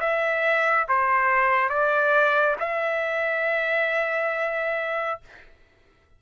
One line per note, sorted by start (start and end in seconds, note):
0.00 0.87 E5
0.89 1.69 C5
1.69 2.56 D5
2.59 5.20 E5